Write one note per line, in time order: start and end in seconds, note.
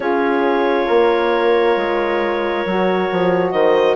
0.00 0.85 C#4
0.00 2.65 F4
0.00 0.86 G#4
0.00 3.51 C#5
0.86 1.76 A#3
0.86 3.51 A#4
1.76 2.64 G#3
2.65 3.09 F#3
2.65 3.96 F#4
3.11 3.52 F3
3.51 3.96 D#3
3.51 3.96 C5
3.51 3.95 D#5